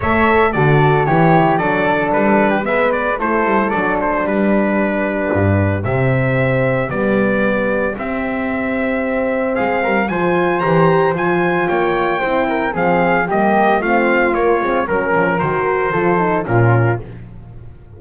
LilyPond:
<<
  \new Staff \with { instrumentName = "trumpet" } { \time 4/4 \tempo 4 = 113 e''4 d''4 cis''4 d''4 | b'4 e''8 d''8 c''4 d''8 c''8 | b'2. e''4~ | e''4 d''2 e''4~ |
e''2 f''4 gis''4 | ais''4 gis''4 g''2 | f''4 dis''4 f''4 cis''4 | ais'4 c''2 ais'4 | }
  \new Staff \with { instrumentName = "flute" } { \time 4/4 cis''4 a'4 g'4 a'4~ | a'8. g'16 b'4 a'2 | g'1~ | g'1~ |
g'2 gis'8 ais'8 c''4~ | c''2 cis''4 c''8 ais'8 | gis'4 g'4 f'2 | ais'2 a'4 f'4 | }
  \new Staff \with { instrumentName = "horn" } { \time 4/4 a'4 fis'4 e'4 d'4~ | d'4 b4 e'4 d'4~ | d'2. c'4~ | c'4 b2 c'4~ |
c'2. f'4 | g'4 f'2 e'4 | c'4 ais4 c'4 ais8 c'8 | cis'4 fis'4 f'8 dis'8 cis'4 | }
  \new Staff \with { instrumentName = "double bass" } { \time 4/4 a4 d4 e4 fis4 | g4 gis4 a8 g8 fis4 | g2 g,4 c4~ | c4 g2 c'4~ |
c'2 gis8 g8 f4 | e4 f4 ais4 c'4 | f4 g4 a4 ais8 gis8 | fis8 f8 dis4 f4 ais,4 | }
>>